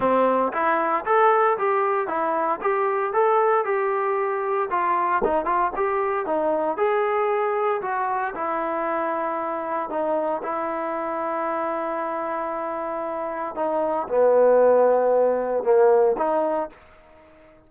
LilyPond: \new Staff \with { instrumentName = "trombone" } { \time 4/4 \tempo 4 = 115 c'4 e'4 a'4 g'4 | e'4 g'4 a'4 g'4~ | g'4 f'4 dis'8 f'8 g'4 | dis'4 gis'2 fis'4 |
e'2. dis'4 | e'1~ | e'2 dis'4 b4~ | b2 ais4 dis'4 | }